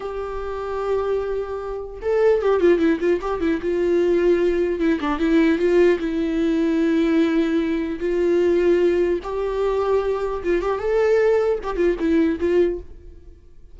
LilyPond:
\new Staff \with { instrumentName = "viola" } { \time 4/4 \tempo 4 = 150 g'1~ | g'4 a'4 g'8 f'8 e'8 f'8 | g'8 e'8 f'2. | e'8 d'8 e'4 f'4 e'4~ |
e'1 | f'2. g'4~ | g'2 f'8 g'8 a'4~ | a'4 g'8 f'8 e'4 f'4 | }